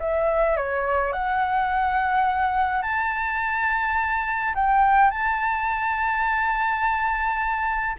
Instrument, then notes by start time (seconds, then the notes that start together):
flute
0.00 E5
0.57 C#5
1.13 F#5
2.83 A5
4.55 G5
5.11 A5